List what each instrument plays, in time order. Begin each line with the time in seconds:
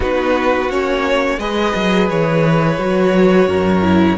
0.00 cello B3, viola D#4, violin F#4 B4
0.69 cello A#3, viola C#4, violin C#5
1.38 cello G#3, viola G#4, violin B4 D#5
1.75 cello F#3
2.09 cello E3, violin C#5
2.78 cello F#3, viola F#4
3.47 cello F#2, violin A#4
3.82 viola E4